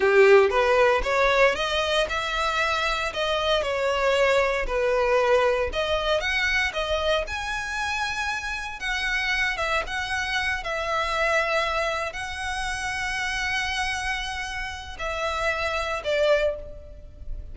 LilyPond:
\new Staff \with { instrumentName = "violin" } { \time 4/4 \tempo 4 = 116 g'4 b'4 cis''4 dis''4 | e''2 dis''4 cis''4~ | cis''4 b'2 dis''4 | fis''4 dis''4 gis''2~ |
gis''4 fis''4. e''8 fis''4~ | fis''8 e''2. fis''8~ | fis''1~ | fis''4 e''2 d''4 | }